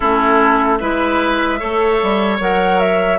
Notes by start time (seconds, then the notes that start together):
0.00 A3 C#4 E4 A4
0.78 G#3 E4 B4 E5
1.59 A3 A4 C#5
2.02 G3
2.40 F#3 A#4 F#5
2.79 E5